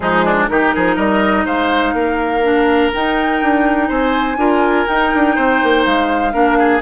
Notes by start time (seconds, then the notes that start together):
0.00 F3 G#3 D#4 G#4
0.24 D4
0.48 D#3 D#4 G4 A#4
0.75 F3 G#4
0.95 G3 A#4 D#5
1.45 G#3 C5 F5
1.93 A#3 A#4
2.43 D4
2.93 D#4 G5
3.42 D4
3.88 C4 C5 G#5
4.36 D4 F4 A#4
4.87 D#4 G5
5.14 D4
5.35 C4 C5
5.63 A#3
5.84 G#3 F5
6.32 A#3 D4 A#4
6.58 G#4